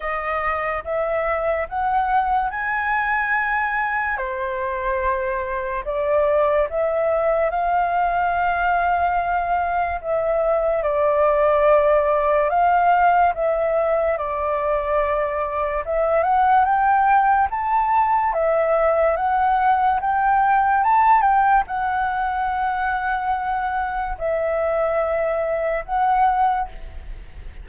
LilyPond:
\new Staff \with { instrumentName = "flute" } { \time 4/4 \tempo 4 = 72 dis''4 e''4 fis''4 gis''4~ | gis''4 c''2 d''4 | e''4 f''2. | e''4 d''2 f''4 |
e''4 d''2 e''8 fis''8 | g''4 a''4 e''4 fis''4 | g''4 a''8 g''8 fis''2~ | fis''4 e''2 fis''4 | }